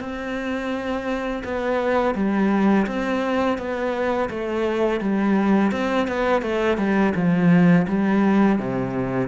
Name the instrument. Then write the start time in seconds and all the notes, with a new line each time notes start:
cello
0.00 C4
1.44 B3
2.15 G3
2.87 C4
3.58 B3
4.30 A3
5.01 G3
5.72 C4
6.07 B3
6.42 A3
6.78 G3
7.15 F3
7.88 G3
8.59 C3